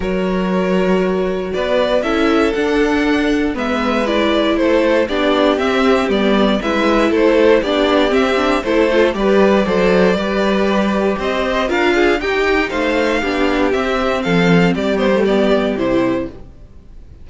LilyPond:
<<
  \new Staff \with { instrumentName = "violin" } { \time 4/4 \tempo 4 = 118 cis''2. d''4 | e''4 fis''2 e''4 | d''4 c''4 d''4 e''4 | d''4 e''4 c''4 d''4 |
e''4 c''4 d''2~ | d''2 dis''4 f''4 | g''4 f''2 e''4 | f''4 d''8 c''8 d''4 c''4 | }
  \new Staff \with { instrumentName = "violin" } { \time 4/4 ais'2. b'4 | a'2. b'4~ | b'4 a'4 g'2~ | g'4 b'4 a'4 g'4~ |
g'4 a'4 b'4 c''4 | b'2 c''4 ais'8 gis'8 | g'4 c''4 g'2 | a'4 g'2. | }
  \new Staff \with { instrumentName = "viola" } { \time 4/4 fis'1 | e'4 d'2 b4 | e'2 d'4 c'4 | b4 e'2 d'4 |
c'8 d'8 e'8 f'8 g'4 a'4 | g'2. f'4 | dis'2 d'4 c'4~ | c'4. b16 a16 b4 e'4 | }
  \new Staff \with { instrumentName = "cello" } { \time 4/4 fis2. b4 | cis'4 d'2 gis4~ | gis4 a4 b4 c'4 | g4 gis4 a4 b4 |
c'4 a4 g4 fis4 | g2 c'4 d'4 | dis'4 a4 b4 c'4 | f4 g2 c4 | }
>>